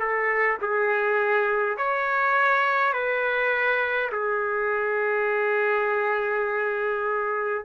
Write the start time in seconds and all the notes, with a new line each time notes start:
0.00 A4
0.61 G#4
1.78 C#5
2.93 B4
4.12 G#4